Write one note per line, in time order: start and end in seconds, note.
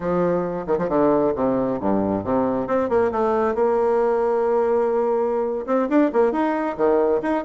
0.00 0.65 F3
0.66 0.77 D#3
0.78 0.88 F3
0.88 1.33 D3
1.35 1.79 C3
1.80 2.24 G2
2.24 2.67 C3
2.67 2.89 C4
2.89 3.11 A#3
3.11 3.54 A3
3.54 5.65 A#3
5.66 5.88 C4
5.89 6.11 D4
6.12 6.32 A#3
6.32 6.76 D#4
6.77 7.21 D#3
7.22 7.44 D#4